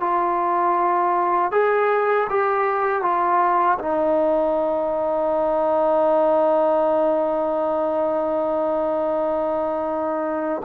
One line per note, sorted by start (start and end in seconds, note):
0.00 1.52 F4
1.52 2.28 G#4
2.30 3.02 G4
3.02 3.78 F4
3.79 10.62 D#4